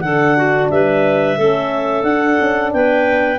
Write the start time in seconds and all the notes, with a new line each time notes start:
0.00 D3 D4 A4 F#5
0.36 F#4
0.70 G3 B4 E5
1.37 A3 C#4 A4
2.03 D4 F#5
2.41 C#4
2.72 B3 B4 G5